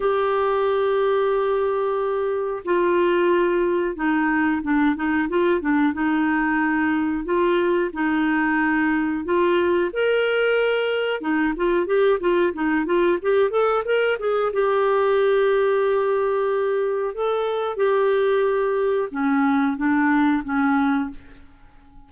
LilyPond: \new Staff \with { instrumentName = "clarinet" } { \time 4/4 \tempo 4 = 91 g'1 | f'2 dis'4 d'8 dis'8 | f'8 d'8 dis'2 f'4 | dis'2 f'4 ais'4~ |
ais'4 dis'8 f'8 g'8 f'8 dis'8 f'8 | g'8 a'8 ais'8 gis'8 g'2~ | g'2 a'4 g'4~ | g'4 cis'4 d'4 cis'4 | }